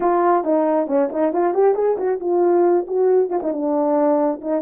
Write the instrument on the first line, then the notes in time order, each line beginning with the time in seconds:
horn
0.00 F4
0.44 D#4
0.87 C#4
1.12 D#4
1.33 F4
1.54 G4
1.74 G#4
1.97 F#4
2.20 F4
2.87 F#4
3.29 F4
3.42 D#4
3.52 D4
4.41 D#4